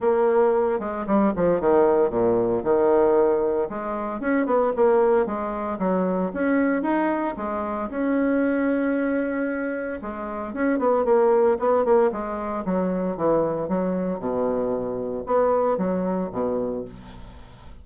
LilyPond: \new Staff \with { instrumentName = "bassoon" } { \time 4/4 \tempo 4 = 114 ais4. gis8 g8 f8 dis4 | ais,4 dis2 gis4 | cis'8 b8 ais4 gis4 fis4 | cis'4 dis'4 gis4 cis'4~ |
cis'2. gis4 | cis'8 b8 ais4 b8 ais8 gis4 | fis4 e4 fis4 b,4~ | b,4 b4 fis4 b,4 | }